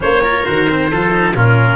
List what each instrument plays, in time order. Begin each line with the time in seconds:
0.00 tuba A#3, cello C#4, oboe C5, trumpet C#5
0.22 cello F4, oboe A#4
0.45 tuba D#3, cello F#4, trumpet C5
0.69 cello C4
0.90 tuba F3, cello F4, oboe A4
1.11 cello D#4
1.35 tuba A#2, cello C#4, oboe F4, trumpet A#4